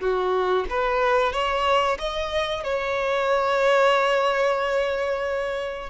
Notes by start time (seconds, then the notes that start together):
0.00 F#4
0.70 B4
1.33 C#5
1.98 D#5
2.64 C#5